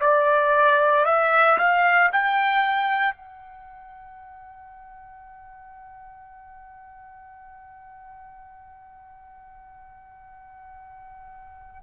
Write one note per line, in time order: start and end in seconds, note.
0.00 1.05 D5
1.05 1.57 E5
1.58 2.11 F5
2.12 3.15 G5
3.15 11.83 F#5